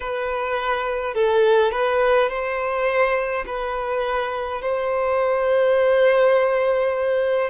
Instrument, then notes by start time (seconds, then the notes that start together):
violin
0.00 B4
1.14 A4
1.72 B4
2.29 C5
3.46 B4
4.61 C5